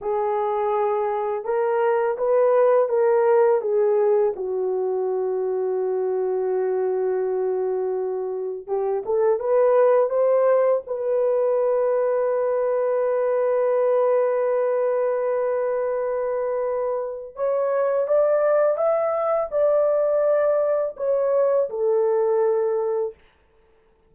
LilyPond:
\new Staff \with { instrumentName = "horn" } { \time 4/4 \tempo 4 = 83 gis'2 ais'4 b'4 | ais'4 gis'4 fis'2~ | fis'1 | g'8 a'8 b'4 c''4 b'4~ |
b'1~ | b'1 | cis''4 d''4 e''4 d''4~ | d''4 cis''4 a'2 | }